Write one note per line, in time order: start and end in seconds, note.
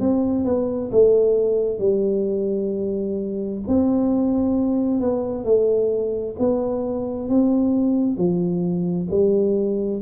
0.00 0.45 C4
0.45 0.90 B3
0.91 1.79 A3
1.79 3.61 G3
3.67 5.00 C4
5.00 5.45 B3
5.45 6.36 A3
6.39 7.29 B3
7.29 8.17 C4
8.17 9.08 F3
9.11 10.02 G3